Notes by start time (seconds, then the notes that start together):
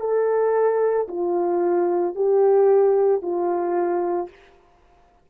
0.00 A4
1.08 F4
2.15 G4
3.22 F4